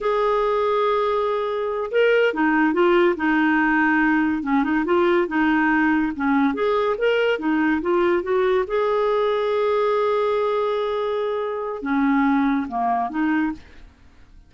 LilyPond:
\new Staff \with { instrumentName = "clarinet" } { \time 4/4 \tempo 4 = 142 gis'1~ | gis'8 ais'4 dis'4 f'4 dis'8~ | dis'2~ dis'8 cis'8 dis'8 f'8~ | f'8 dis'2 cis'4 gis'8~ |
gis'8 ais'4 dis'4 f'4 fis'8~ | fis'8 gis'2.~ gis'8~ | gis'1 | cis'2 ais4 dis'4 | }